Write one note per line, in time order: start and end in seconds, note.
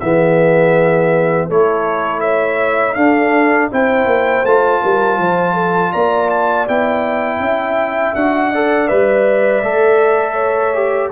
0.00 1.50 E3
0.00 1.50 B3
0.00 1.48 G#4
0.00 1.48 E5
1.48 2.96 A3
1.48 2.97 E4
1.48 2.21 A4
1.48 2.20 C#5
2.20 2.95 C#5
2.20 2.94 E5
2.95 3.70 D4
2.95 3.71 D4
2.95 3.70 A4
2.95 3.69 F5
3.71 4.06 C4
3.71 4.45 E4
3.71 4.82 C5
3.71 4.46 G5
4.06 4.43 A#3
4.44 4.81 A3
4.44 6.68 F4
4.44 5.93 A5
4.82 5.19 G3
4.82 5.19 A#4
5.19 5.93 F3
5.19 5.54 C5
5.54 5.91 A4
5.93 6.69 A#3
5.93 7.40 D5
5.93 6.30 A#5
6.30 6.67 A5
6.68 7.40 B3
6.68 8.16 E4
6.68 8.15 G5
7.40 8.14 C#4
7.40 8.51 E5
8.15 8.90 D4
8.15 8.54 F#4
8.15 8.88 F#5
8.51 8.89 A4
8.51 10.34 D5
8.88 9.63 G3
8.88 9.63 B4
8.88 11.10 E5
9.63 11.11 A3
9.63 10.74 A4
10.34 11.08 C#5
10.74 11.11 G4